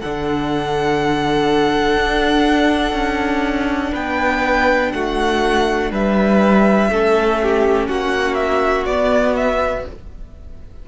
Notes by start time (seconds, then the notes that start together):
0.00 D3 D4 A4 F#5
1.96 D4
2.93 C#4
3.92 B3 B4 G5
4.91 A3 F#4 F#5
5.91 G3 B4 E5
6.89 A3 C#4 A4
7.42 G4
7.87 A#3 F#4 F#5
8.34 E5
8.85 B3 D5
9.36 E5